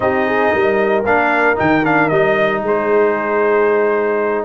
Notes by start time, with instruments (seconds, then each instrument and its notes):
0.00 tuba C4, trombone D#4, horn G4, trumpet D#5
0.26 horn G#4
0.53 tuba G3, horn A#4
1.04 tuba A#3, trombone D4, trumpet F5
1.55 tuba D#3, trombone D#4, trumpet G5
1.84 trombone D4, trumpet F5
2.08 tuba G3, trombone D#4, trumpet D#5
2.62 tuba G#3, horn G#4, trumpet C5